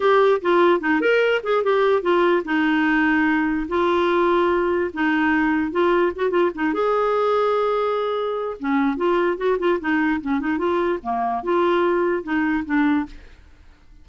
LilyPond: \new Staff \with { instrumentName = "clarinet" } { \time 4/4 \tempo 4 = 147 g'4 f'4 dis'8 ais'4 gis'8 | g'4 f'4 dis'2~ | dis'4 f'2. | dis'2 f'4 fis'8 f'8 |
dis'8 gis'2.~ gis'8~ | gis'4 cis'4 f'4 fis'8 f'8 | dis'4 cis'8 dis'8 f'4 ais4 | f'2 dis'4 d'4 | }